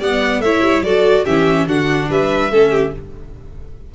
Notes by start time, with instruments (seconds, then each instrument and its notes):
0.00 tuba G3, viola B3, violin D5 F#5
0.39 tuba A3, viola E4, violin C#5 E5
0.62 tuba G3
0.81 tuba F#3, viola F#4, violin A4 D5
1.25 tuba E3, viola C#4, violin G4 E5
1.67 tuba D3, viola D4, violin F#4 F#5
2.10 tuba G3, violin B4 E5
2.51 tuba A3, viola C#4, violin A4
2.71 violin G4